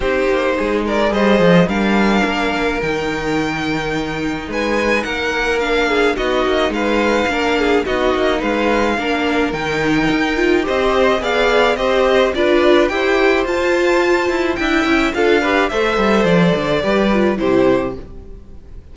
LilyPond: <<
  \new Staff \with { instrumentName = "violin" } { \time 4/4 \tempo 4 = 107 c''4. d''8 dis''4 f''4~ | f''4 g''2. | gis''4 fis''4 f''4 dis''4 | f''2 dis''4 f''4~ |
f''4 g''2 dis''4 | f''4 dis''4 d''4 g''4 | a''2 g''4 f''4 | e''4 d''2 c''4 | }
  \new Staff \with { instrumentName = "violin" } { \time 4/4 g'4 gis'8 ais'8 c''4 ais'4~ | ais'1 | b'4 ais'4. gis'8 fis'4 | b'4 ais'8 gis'8 fis'4 b'4 |
ais'2. c''4 | d''4 c''4 b'4 c''4~ | c''2 e''4 a'8 b'8 | c''2 b'4 g'4 | }
  \new Staff \with { instrumentName = "viola" } { \time 4/4 dis'2 gis'4 d'4~ | d'4 dis'2.~ | dis'2 d'4 dis'4~ | dis'4 d'4 dis'2 |
d'4 dis'4. f'8 g'4 | gis'4 g'4 f'4 g'4 | f'2 e'4 f'8 g'8 | a'2 g'8 f'8 e'4 | }
  \new Staff \with { instrumentName = "cello" } { \time 4/4 c'8 ais8 gis4 g8 f8 g4 | ais4 dis2. | gis4 ais2 b8 ais8 | gis4 ais4 b8 ais8 gis4 |
ais4 dis4 dis'4 c'4 | b4 c'4 d'4 e'4 | f'4. e'8 d'8 cis'8 d'4 | a8 g8 f8 d8 g4 c4 | }
>>